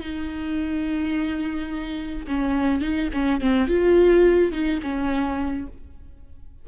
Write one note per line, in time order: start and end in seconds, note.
0.00 2.26 D#4
2.27 2.81 C#4
2.81 3.09 D#4
3.13 3.41 C#4
3.41 3.67 C4
3.67 4.52 F4
4.52 4.80 D#4
4.82 5.67 C#4